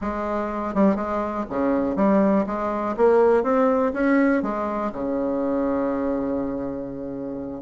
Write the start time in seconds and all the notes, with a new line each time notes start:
0.01 G#3
0.74 G3
0.95 G#3
1.49 C#3
1.96 G3
2.46 G#3
2.96 A#3
3.43 C4
3.93 C#4
4.42 G#3
4.92 C#3